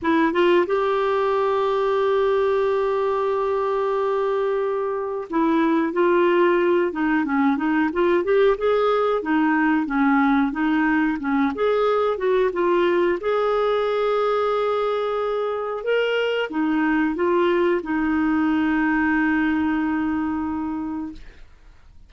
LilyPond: \new Staff \with { instrumentName = "clarinet" } { \time 4/4 \tempo 4 = 91 e'8 f'8 g'2.~ | g'1 | e'4 f'4. dis'8 cis'8 dis'8 | f'8 g'8 gis'4 dis'4 cis'4 |
dis'4 cis'8 gis'4 fis'8 f'4 | gis'1 | ais'4 dis'4 f'4 dis'4~ | dis'1 | }